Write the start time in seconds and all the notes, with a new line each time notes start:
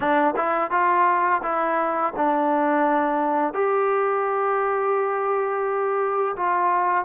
0.00 D4
0.36 E4
0.71 F4
1.42 E4
2.16 D4
3.53 G4
6.36 F4